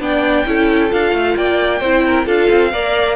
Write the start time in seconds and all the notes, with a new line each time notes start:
0.00 B3 D4 D5 G5
0.46 C#4 E4 A4
0.89 D4 F4 F5
1.12 A3
1.36 A#3 D5 G5
1.80 C4 E4 C5
2.07 A#4
2.26 D4 F4 A4 F5
2.51 C4
2.73 A#3 A#4 D5